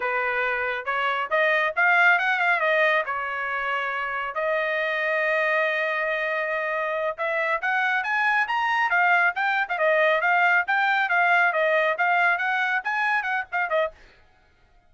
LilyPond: \new Staff \with { instrumentName = "trumpet" } { \time 4/4 \tempo 4 = 138 b'2 cis''4 dis''4 | f''4 fis''8 f''8 dis''4 cis''4~ | cis''2 dis''2~ | dis''1~ |
dis''8 e''4 fis''4 gis''4 ais''8~ | ais''8 f''4 g''8. f''16 dis''4 f''8~ | f''8 g''4 f''4 dis''4 f''8~ | f''8 fis''4 gis''4 fis''8 f''8 dis''8 | }